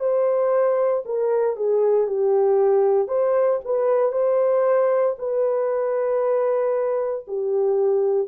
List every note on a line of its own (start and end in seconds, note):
0.00 1.03 C5
1.06 1.57 A#4
1.57 2.07 G#4
2.07 3.08 G4
3.08 3.60 C5
3.65 4.12 B4
4.12 5.16 C5
5.19 7.26 B4
7.27 8.28 G4